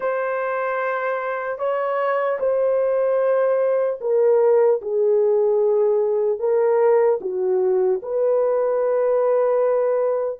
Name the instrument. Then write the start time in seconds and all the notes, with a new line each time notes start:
horn
0.00 C5
1.58 C#5
2.39 C5
4.00 A#4
4.81 G#4
6.39 A#4
7.20 F#4
8.02 B4